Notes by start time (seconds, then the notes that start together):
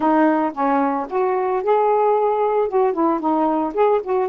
0.00 D#4
0.53 C#4
1.09 F#4
1.63 G#4
2.68 F#4
2.93 E4
3.20 D#4
3.74 G#4
4.03 F#4